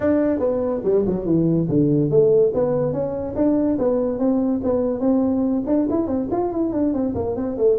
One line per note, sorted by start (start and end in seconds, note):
0.00 0.39 D4
0.39 0.81 B3
0.84 1.05 G3
1.06 1.25 F#3
1.25 1.67 E3
1.69 2.10 D3
2.10 2.52 A3
2.53 2.93 B3
2.93 3.35 C#4
3.35 3.77 D4
3.78 4.18 B3
4.18 4.60 C4
4.63 5.00 B3
5.00 5.63 C4
5.66 5.87 D4
5.90 6.07 E4
6.07 6.28 C4
6.31 6.52 F4
6.52 6.72 E4
6.72 6.93 D4
6.93 7.14 C4
7.14 7.35 A#3
7.36 7.57 C4
7.57 7.78 A3